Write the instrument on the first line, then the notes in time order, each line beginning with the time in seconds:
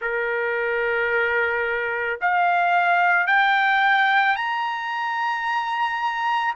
trumpet
0.01 A#4
2.21 F5
3.26 G5
4.35 A#5